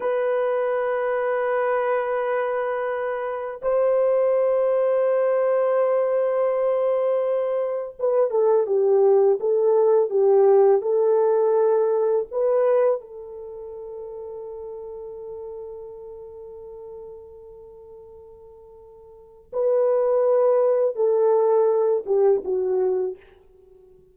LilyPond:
\new Staff \with { instrumentName = "horn" } { \time 4/4 \tempo 4 = 83 b'1~ | b'4 c''2.~ | c''2. b'8 a'8 | g'4 a'4 g'4 a'4~ |
a'4 b'4 a'2~ | a'1~ | a'2. b'4~ | b'4 a'4. g'8 fis'4 | }